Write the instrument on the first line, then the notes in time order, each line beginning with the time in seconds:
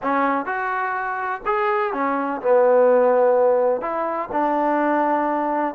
trombone
0.02 C#4
0.45 F#4
1.45 G#4
1.93 C#4
2.41 B3
3.81 E4
4.32 D4